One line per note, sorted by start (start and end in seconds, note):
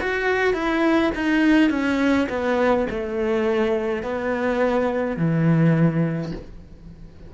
0.00 0.53 F#4
0.53 1.11 E4
1.15 1.70 D#4
1.70 2.28 C#4
2.29 2.86 B3
2.90 4.03 A3
4.03 5.17 B3
5.17 6.32 E3